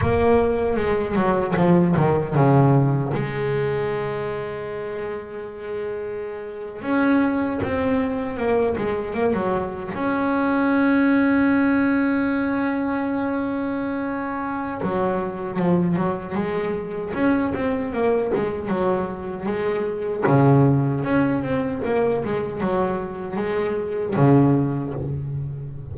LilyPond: \new Staff \with { instrumentName = "double bass" } { \time 4/4 \tempo 4 = 77 ais4 gis8 fis8 f8 dis8 cis4 | gis1~ | gis8. cis'4 c'4 ais8 gis8 ais16 | fis8. cis'2.~ cis'16~ |
cis'2. fis4 | f8 fis8 gis4 cis'8 c'8 ais8 gis8 | fis4 gis4 cis4 cis'8 c'8 | ais8 gis8 fis4 gis4 cis4 | }